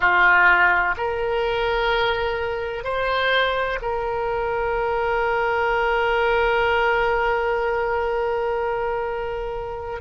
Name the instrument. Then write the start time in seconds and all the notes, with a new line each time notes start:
oboe
0.00 F4
0.97 A#4
2.84 C5
3.81 A#4